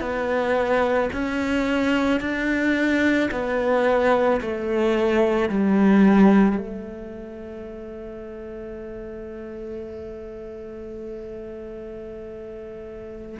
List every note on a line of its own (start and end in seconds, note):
0.00 1.09 B3
1.13 2.20 C#4
2.20 3.29 D4
3.31 4.40 B3
4.41 5.49 A3
5.49 6.57 G3
6.57 13.39 A3